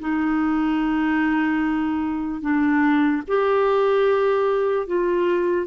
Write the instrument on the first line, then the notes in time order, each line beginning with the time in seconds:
clarinet
0.00 D#4
2.41 D4
3.28 G4
4.86 F4